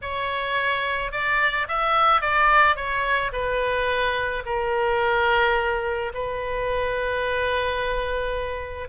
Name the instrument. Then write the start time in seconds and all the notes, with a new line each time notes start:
oboe
0.01 C#5
1.11 D5
1.68 E5
2.21 D5
2.76 C#5
3.32 B4
4.45 A#4
6.14 B4